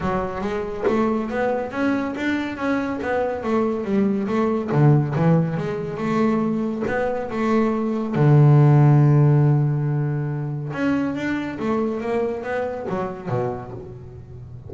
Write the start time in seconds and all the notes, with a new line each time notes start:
0.00 F#3
0.41 G#3
0.87 A3
1.30 B3
1.71 C#4
2.16 D4
2.56 C#4
3.02 B3
3.43 A3
3.84 G3
4.27 A3
4.71 D3
5.15 E3
5.57 G#3
5.97 A3
6.87 B3
7.30 A3
8.15 D3
10.72 C#4
11.15 D4
11.59 A3
12.00 A#3
12.43 B3
12.89 F#3
13.28 B2